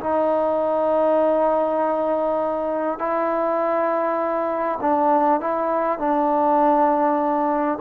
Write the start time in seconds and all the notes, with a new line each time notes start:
0.00 D#4
2.99 E4
4.81 D4
5.41 E4
5.99 D4